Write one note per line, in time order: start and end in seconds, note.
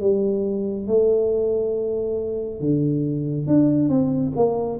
0.00 0.87 G3
0.87 2.60 A3
2.60 3.47 D3
3.47 3.89 D4
3.89 4.32 C4
4.36 4.79 A#3